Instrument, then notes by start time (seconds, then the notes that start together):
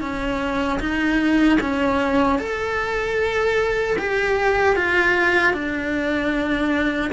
cello
0.00 C#4
0.79 D#4
1.60 C#4
2.38 A4
3.98 G4
4.75 F4
5.53 D4